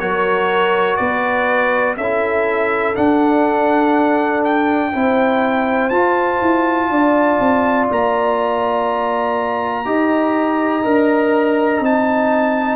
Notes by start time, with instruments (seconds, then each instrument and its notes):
0.00 tuba F#3, trombone F#4, horn A#4, trumpet C#5
0.96 tuba B3, horn B4, trumpet D5
1.97 tuba C#4, trombone E4, horn A4, trumpet E5
2.96 trombone D4, tuba D4, trumpet F#5
4.44 trumpet G5
4.93 tuba C4, trombone E4, horn C5
5.90 tuba F4, trombone F4, trumpet A5
6.42 tuba E4
6.90 tuba D4, horn D5
7.40 tuba C4
7.91 tuba A#3, trumpet A#5
9.85 tuba D#4, trombone G4, horn D#5
10.84 tuba D4, trombone A#4
11.80 tuba C4, trombone D#4, trumpet A5